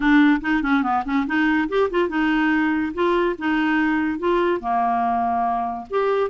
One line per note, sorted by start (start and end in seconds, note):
0.00 0.40 D4
0.41 0.62 D#4
0.62 0.82 C#4
0.82 1.03 B3
1.05 1.26 C#4
1.26 1.68 D#4
1.68 1.89 G4
1.90 2.08 F4
2.08 2.92 D#4
2.94 3.36 F4
3.38 4.18 D#4
4.18 4.60 F4
4.60 5.86 A#3
5.90 6.30 G4